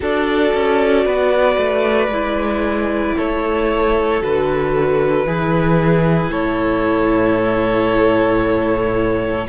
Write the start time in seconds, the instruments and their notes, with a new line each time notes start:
0.00 cello D4, viola F#4, violin A4 D5
0.54 cello C#4
1.05 cello B3, violin B4
1.57 cello A3
2.07 cello G#3, viola E4
3.16 cello A3, violin A4 C#5
4.20 cello D3, viola F#4, violin B4
5.25 cello E3, viola E4, violin G#4
6.29 cello A2, violin A4 C#5